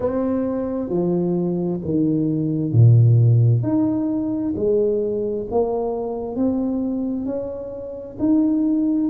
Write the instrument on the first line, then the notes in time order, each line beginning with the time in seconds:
tuba
0.00 C4
0.89 F3
1.84 D#3
2.72 A#2
3.62 D#4
4.55 G#3
5.50 A#3
6.36 C4
7.25 C#4
8.19 D#4